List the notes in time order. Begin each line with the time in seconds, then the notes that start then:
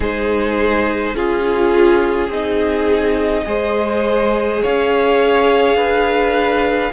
0.00 G#3 D#4 G#4 C5
1.14 C#4 F4 G#4
2.27 C4 D#4 G#4
2.33 D#5
3.44 G#3 G#4 C5
4.62 C#4 C#5 F5
5.74 D4 B4